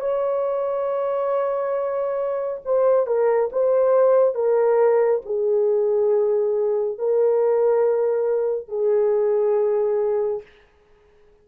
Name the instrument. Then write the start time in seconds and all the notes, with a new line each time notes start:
horn
0.00 C#5
2.65 C5
3.06 A#4
3.52 C5
4.34 A#4
5.25 G#4
6.98 A#4
8.68 G#4